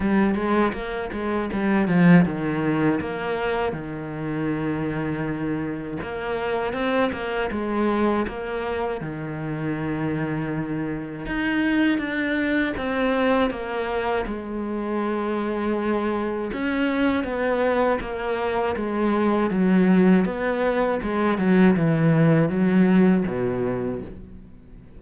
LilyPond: \new Staff \with { instrumentName = "cello" } { \time 4/4 \tempo 4 = 80 g8 gis8 ais8 gis8 g8 f8 dis4 | ais4 dis2. | ais4 c'8 ais8 gis4 ais4 | dis2. dis'4 |
d'4 c'4 ais4 gis4~ | gis2 cis'4 b4 | ais4 gis4 fis4 b4 | gis8 fis8 e4 fis4 b,4 | }